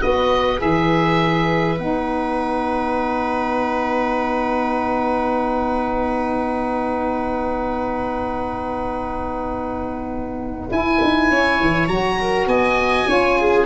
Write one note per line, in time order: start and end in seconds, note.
0.00 0.61 B3
0.00 0.57 F#4
0.00 11.31 B4
0.00 0.60 D#5
0.57 1.78 E3
0.57 1.76 G#4
0.57 1.79 E5
1.78 10.69 B3
1.78 10.69 D#4
1.78 10.70 F#5
10.70 11.89 E4
10.70 11.00 E4
10.70 11.88 G#5
11.02 11.30 D#4
11.30 11.60 C#4
11.30 12.20 C#5
11.60 11.87 E3
11.87 12.46 F#3
11.87 13.07 F#4
11.87 12.47 A#5
12.20 12.49 A#4
12.46 13.06 B3
12.46 13.08 D#5
12.46 13.65 G#5
13.07 13.65 C#4
13.07 13.65 F4
13.07 13.38 C#5
13.38 13.65 G#4